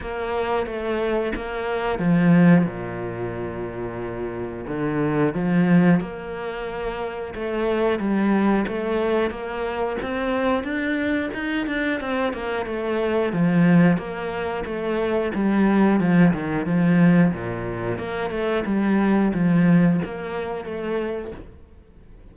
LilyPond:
\new Staff \with { instrumentName = "cello" } { \time 4/4 \tempo 4 = 90 ais4 a4 ais4 f4 | ais,2. d4 | f4 ais2 a4 | g4 a4 ais4 c'4 |
d'4 dis'8 d'8 c'8 ais8 a4 | f4 ais4 a4 g4 | f8 dis8 f4 ais,4 ais8 a8 | g4 f4 ais4 a4 | }